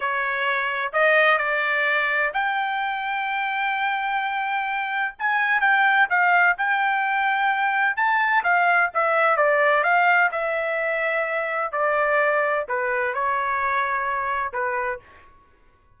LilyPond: \new Staff \with { instrumentName = "trumpet" } { \time 4/4 \tempo 4 = 128 cis''2 dis''4 d''4~ | d''4 g''2.~ | g''2. gis''4 | g''4 f''4 g''2~ |
g''4 a''4 f''4 e''4 | d''4 f''4 e''2~ | e''4 d''2 b'4 | cis''2. b'4 | }